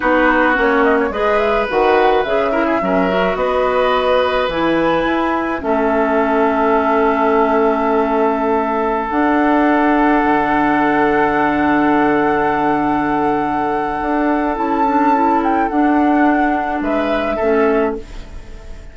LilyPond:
<<
  \new Staff \with { instrumentName = "flute" } { \time 4/4 \tempo 4 = 107 b'4 cis''8 dis''16 cis''16 dis''8 e''8 fis''4 | e''2 dis''2 | gis''2 e''2~ | e''1~ |
e''16 fis''2.~ fis''8.~ | fis''1~ | fis''2 a''4. g''8 | fis''2 e''2 | }
  \new Staff \with { instrumentName = "oboe" } { \time 4/4 fis'2 b'2~ | b'8 ais'16 gis'16 ais'4 b'2~ | b'2 a'2~ | a'1~ |
a'1~ | a'1~ | a'1~ | a'2 b'4 a'4 | }
  \new Staff \with { instrumentName = "clarinet" } { \time 4/4 dis'4 cis'4 gis'4 fis'4 | gis'8 e'8 cis'8 fis'2~ fis'8 | e'2 cis'2~ | cis'1~ |
cis'16 d'2.~ d'8.~ | d'1~ | d'2 e'8 d'8 e'4 | d'2. cis'4 | }
  \new Staff \with { instrumentName = "bassoon" } { \time 4/4 b4 ais4 gis4 dis4 | cis4 fis4 b2 | e4 e'4 a2~ | a1~ |
a16 d'2 d4.~ d16~ | d1~ | d4 d'4 cis'2 | d'2 gis4 a4 | }
>>